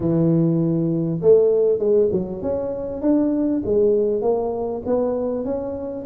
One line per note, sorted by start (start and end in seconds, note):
0.00 1.20 E3
1.21 1.78 A3
1.78 2.09 G#3
2.12 2.42 F#3
2.42 3.01 C#4
3.01 3.62 D4
3.65 4.21 G#3
4.21 4.82 A#3
4.86 5.45 B3
5.45 6.05 C#4